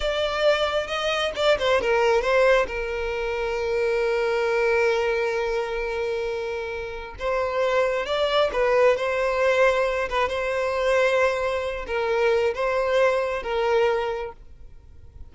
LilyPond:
\new Staff \with { instrumentName = "violin" } { \time 4/4 \tempo 4 = 134 d''2 dis''4 d''8 c''8 | ais'4 c''4 ais'2~ | ais'1~ | ais'1 |
c''2 d''4 b'4 | c''2~ c''8 b'8 c''4~ | c''2~ c''8 ais'4. | c''2 ais'2 | }